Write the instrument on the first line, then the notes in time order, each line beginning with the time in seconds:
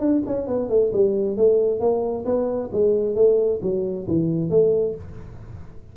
tuba
0.00 D4
0.26 C#4
0.47 B3
0.69 A3
0.93 G3
1.37 A3
1.80 A#3
2.25 B3
2.72 G#3
3.15 A3
3.62 F#3
4.08 E3
4.50 A3